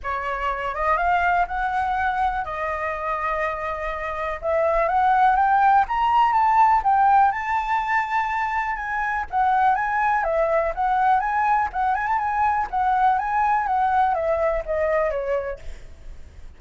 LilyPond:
\new Staff \with { instrumentName = "flute" } { \time 4/4 \tempo 4 = 123 cis''4. dis''8 f''4 fis''4~ | fis''4 dis''2.~ | dis''4 e''4 fis''4 g''4 | ais''4 a''4 g''4 a''4~ |
a''2 gis''4 fis''4 | gis''4 e''4 fis''4 gis''4 | fis''8 gis''16 a''16 gis''4 fis''4 gis''4 | fis''4 e''4 dis''4 cis''4 | }